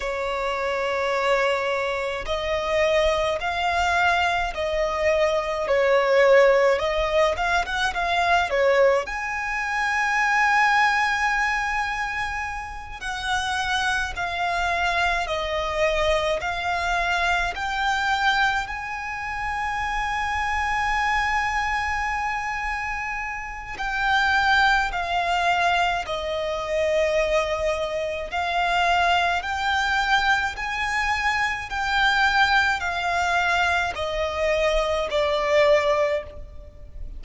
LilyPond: \new Staff \with { instrumentName = "violin" } { \time 4/4 \tempo 4 = 53 cis''2 dis''4 f''4 | dis''4 cis''4 dis''8 f''16 fis''16 f''8 cis''8 | gis''2.~ gis''8 fis''8~ | fis''8 f''4 dis''4 f''4 g''8~ |
g''8 gis''2.~ gis''8~ | gis''4 g''4 f''4 dis''4~ | dis''4 f''4 g''4 gis''4 | g''4 f''4 dis''4 d''4 | }